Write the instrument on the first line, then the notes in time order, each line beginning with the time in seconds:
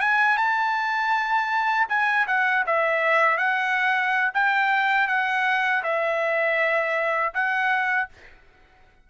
trumpet
0.00 G#5
0.37 A5
1.89 G#5
2.27 F#5
2.66 E5
3.37 F#5
4.34 G5
5.07 F#5
5.83 E5
7.33 F#5